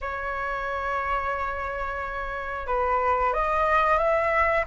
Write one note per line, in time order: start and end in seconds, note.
0.01 2.67 C#5
2.67 3.33 B4
3.33 3.98 D#5
3.98 4.65 E5